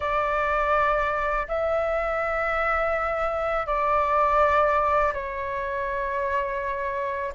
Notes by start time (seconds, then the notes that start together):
0.00 D5
1.47 E5
3.66 D5
5.13 C#5